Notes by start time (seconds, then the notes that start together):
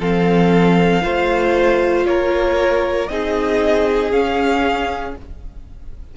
0.00 F3 C4 A4 F5
1.02 A3 F4 C5
2.06 A#3 A#4 C#5
3.09 C4 D#4 G#4 D#5
4.12 C#4 F5